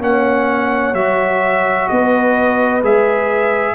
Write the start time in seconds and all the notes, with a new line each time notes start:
0.00 A#3 C#4 C#5 F#5
0.94 F#3 F#4 E5
1.88 B3 B4 D#5
2.82 G#3 G#4 E5